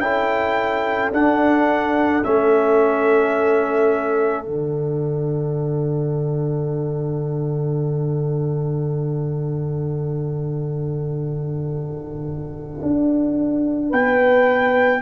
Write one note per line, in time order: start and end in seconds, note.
0.00 1.12 C#4
0.00 1.12 E4
0.00 13.89 A4
0.00 1.11 G5
1.12 2.24 D4
1.12 2.23 D4
1.12 2.24 F#5
2.23 4.47 A3
2.23 4.45 C#4
2.23 4.44 E5
4.44 12.80 D3
4.44 15.00 D4
4.44 13.89 F#5
12.82 13.92 D4
13.89 15.02 B3
13.89 15.00 B4
13.89 15.02 G5